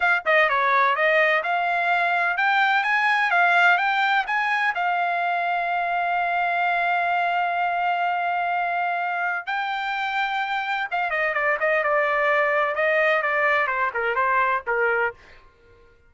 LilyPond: \new Staff \with { instrumentName = "trumpet" } { \time 4/4 \tempo 4 = 127 f''8 dis''8 cis''4 dis''4 f''4~ | f''4 g''4 gis''4 f''4 | g''4 gis''4 f''2~ | f''1~ |
f''1 | g''2. f''8 dis''8 | d''8 dis''8 d''2 dis''4 | d''4 c''8 ais'8 c''4 ais'4 | }